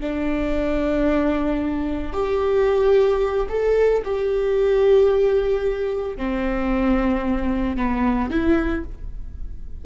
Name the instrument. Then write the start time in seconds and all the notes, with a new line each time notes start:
viola
0.00 D4
2.13 G4
3.49 A4
4.04 G4
6.17 C4
7.76 B3
8.30 E4